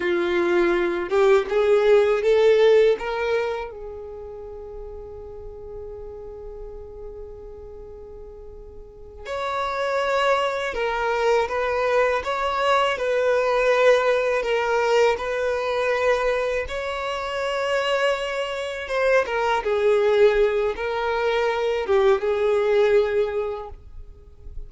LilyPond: \new Staff \with { instrumentName = "violin" } { \time 4/4 \tempo 4 = 81 f'4. g'8 gis'4 a'4 | ais'4 gis'2.~ | gis'1~ | gis'8 cis''2 ais'4 b'8~ |
b'8 cis''4 b'2 ais'8~ | ais'8 b'2 cis''4.~ | cis''4. c''8 ais'8 gis'4. | ais'4. g'8 gis'2 | }